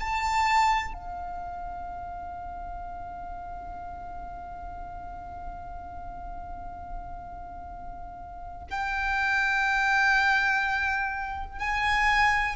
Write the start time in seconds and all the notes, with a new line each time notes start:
0.00 A5
0.94 F5
8.71 G5
11.60 G#5